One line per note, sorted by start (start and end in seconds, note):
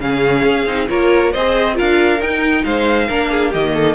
0.00 0.44 C#3
0.00 0.67 C#4
0.00 0.89 G#4
0.00 0.88 F5
0.45 0.66 C#4
0.66 0.88 C4
0.66 0.89 D#4
0.89 1.34 A#3
0.89 1.32 F4
0.89 1.33 A#4
0.89 1.33 C#5
1.33 1.80 C4
1.33 1.75 G#4
1.33 1.75 C5
1.33 1.76 D#5
1.75 2.21 D4
1.75 2.19 F4
1.75 2.63 A#4
1.75 2.22 F5
2.21 2.65 D#4
2.21 3.10 D#4
2.21 2.65 G5
2.65 3.10 G#3
2.65 3.08 C5
2.65 3.52 F5
3.08 3.54 A#3
3.08 3.54 D4
3.08 3.30 A#4
3.31 3.50 G#4
3.50 3.95 D#3
3.50 3.95 A#3
3.50 3.72 G4
3.50 3.95 D#5
3.74 3.95 A4